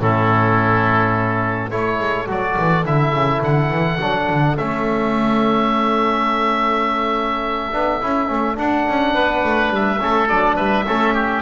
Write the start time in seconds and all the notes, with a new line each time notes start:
0.00 A2 C#4 E4 A4
1.71 A3 E4 A4 C#5
2.00 G#3
2.27 F#3 F#4 D5
2.59 E3
2.85 D3 E4 E5
3.14 C#3
3.43 D3 F#5
3.70 E3
4.00 F#3 D4
4.30 D3
4.57 A3 C#4 E5
7.72 B3 D4
8.01 C#4 E4
8.27 A3 C#4
8.56 D4 F#5
8.88 C#4
9.14 B3 B4
9.44 A3
9.70 G3 E5
10.00 A3 C#4 A4
10.29 F#3 D4 D5
10.56 G3 B4 E5
10.87 A3 C#4 A4
11.14 G4